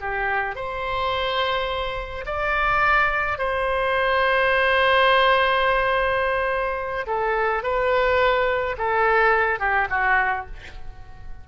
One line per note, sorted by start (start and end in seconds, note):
0.00 0.55 G4
0.55 2.25 C5
2.26 3.38 D5
3.38 7.06 C5
7.07 7.63 A4
7.63 8.76 B4
8.78 9.59 A4
9.59 9.88 G4
9.90 10.46 F#4